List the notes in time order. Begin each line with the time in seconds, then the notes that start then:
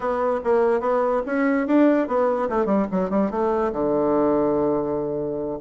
0.00 B3
0.43 A#3
0.80 B3
1.26 C#4
1.67 D4
2.07 B3
2.49 A3
2.65 G3
2.91 F#3
3.10 G3
3.30 A3
3.72 D3